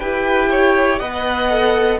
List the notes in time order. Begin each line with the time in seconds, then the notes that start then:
0.00 E4 G4 B4 G5
0.50 C#5
0.99 B3 B4 D#5 F#5
1.50 A4